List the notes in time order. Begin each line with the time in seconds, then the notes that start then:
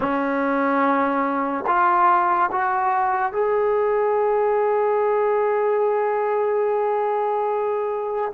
0.00 C#4
1.66 F4
2.51 F#4
3.32 G#4